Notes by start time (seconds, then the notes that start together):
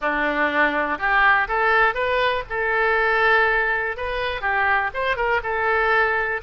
0.01 D4
0.98 G4
1.48 A4
1.94 B4
2.49 A4
3.96 B4
4.41 G4
4.94 C5
5.16 A#4
5.43 A4